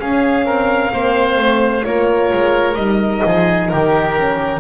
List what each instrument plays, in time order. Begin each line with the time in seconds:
0.00 horn C#4, double bass C#4, oboe G#4, violin F5
0.45 double bass C4, oboe A#4
0.92 double bass A#3, horn C4, oboe C5
1.37 double bass A3
1.85 double bass A#3, horn F4, oboe A#4, violin C#5
2.33 double bass G#3
2.75 double bass G3, horn D#4, violin D#5
3.26 double bass F3, oboe G#4
3.68 double bass D#3, oboe G4, violin A#4
4.15 horn C#4